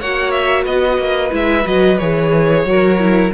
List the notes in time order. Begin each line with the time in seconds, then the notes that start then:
0.00 A#3 F#4 C#5 F#5
0.31 E5
0.63 B3 B4 D#5
0.98 A#3
1.30 G#3 E4 E5
1.64 F#3 F#4 D#5
1.98 E3 G#4 C#5
2.65 F#3 F#4 A#4
2.99 E4